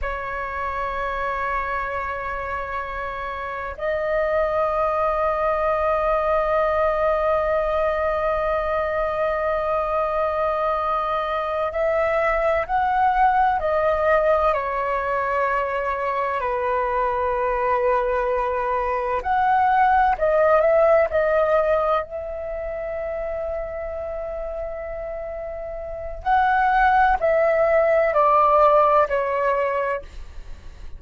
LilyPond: \new Staff \with { instrumentName = "flute" } { \time 4/4 \tempo 4 = 64 cis''1 | dis''1~ | dis''1~ | dis''8 e''4 fis''4 dis''4 cis''8~ |
cis''4. b'2~ b'8~ | b'8 fis''4 dis''8 e''8 dis''4 e''8~ | e''1 | fis''4 e''4 d''4 cis''4 | }